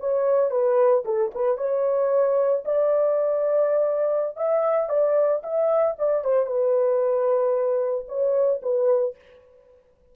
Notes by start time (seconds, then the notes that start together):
0.00 C#5
0.51 B4
1.05 A4
1.35 B4
1.58 C#5
2.65 D5
4.37 E5
4.89 D5
5.43 E5
5.99 D5
6.24 C5
6.47 B4
8.08 C#5
8.62 B4